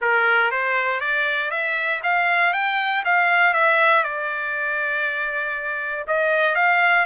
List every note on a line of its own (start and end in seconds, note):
0.01 0.51 A#4
0.51 1.00 C5
1.00 1.50 D5
1.50 2.01 E5
2.03 2.53 F5
2.53 3.03 G5
3.04 3.53 F5
3.53 4.03 E5
4.03 6.05 D5
6.07 6.55 D#5
6.55 7.05 F5